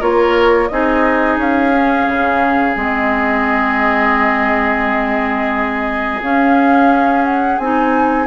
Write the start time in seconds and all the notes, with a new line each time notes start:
0.00 A#3 F4 A#4 C#5
0.69 C4 D#4 G#4 D#5
1.38 C#4 F5
1.74 C#4
2.08 C#3
2.76 G#3 C4 D#5
6.22 C#4 F5
7.25 F#5
7.59 C4 D#4 G#5